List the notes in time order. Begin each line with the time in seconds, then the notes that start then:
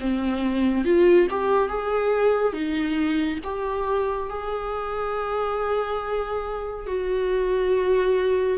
0.00 C4
0.85 F4
1.30 G4
1.69 G#4
2.53 D#4
3.44 G4
4.29 G#4
6.87 F#4